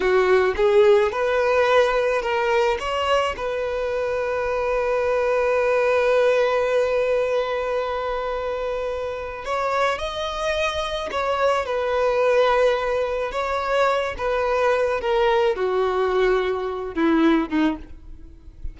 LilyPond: \new Staff \with { instrumentName = "violin" } { \time 4/4 \tempo 4 = 108 fis'4 gis'4 b'2 | ais'4 cis''4 b'2~ | b'1~ | b'1~ |
b'4 cis''4 dis''2 | cis''4 b'2. | cis''4. b'4. ais'4 | fis'2~ fis'8 e'4 dis'8 | }